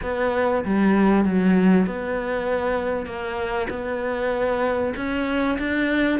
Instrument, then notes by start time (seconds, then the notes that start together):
cello
0.02 B3
0.64 G3
1.25 F#3
1.86 B3
3.06 A#3
3.69 B3
4.96 C#4
5.58 D4